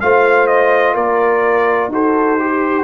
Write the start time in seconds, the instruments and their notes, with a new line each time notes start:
0.00 tuba A3, trombone F4, horn C5, trumpet F5
0.47 trumpet D#5
0.93 tuba A#3, horn A#4, trumpet D5
1.88 tuba D#4, trombone F#4, horn A4, trumpet C5
2.39 trombone G4, horn G4